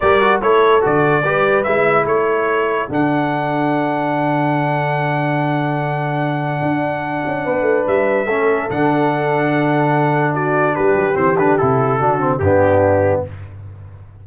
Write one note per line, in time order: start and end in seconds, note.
0.00 0.42 G3
0.00 0.21 G4
0.00 0.42 A#4
0.00 0.41 D5
0.21 0.41 F#4
0.41 0.83 A3
0.41 0.81 E4
0.41 1.23 A4
0.41 0.83 C#5
0.81 1.23 D3
0.81 1.22 F#4
0.81 1.63 D5
1.23 1.65 G3
1.23 1.65 G4
1.23 2.06 B4
1.63 2.05 G#3
1.63 2.89 E4
1.63 2.05 E5
2.05 2.87 A3
2.05 7.44 A4
2.05 2.89 C#5
2.89 6.61 D3
2.89 8.27 D4
2.89 7.87 F#5
6.61 7.23 D4
7.25 7.45 C#4
7.44 7.61 B3
7.44 8.26 B4
7.61 7.82 A3
7.87 8.26 G3
7.87 8.70 E5
8.26 8.67 A3
8.26 8.70 C#4
8.26 10.33 A4
8.70 10.77 D3
8.70 11.14 D4
8.70 10.34 F#5
10.34 10.75 F#4
10.34 10.75 D5
10.75 10.94 G3
10.75 11.99 G4
10.75 11.16 B4
10.94 11.15 F#3
11.14 11.37 E3
11.14 11.34 C4
11.14 11.37 C5
11.37 11.58 D3
11.37 11.59 D4
11.37 11.57 B4
11.57 12.00 C3
11.57 12.00 E4
11.57 12.38 A4
11.99 12.39 D3
11.99 12.19 D4
11.99 12.40 F#4
12.19 12.40 C4
12.38 13.22 G2
12.38 13.26 B3
12.38 13.27 D4
12.38 13.21 G4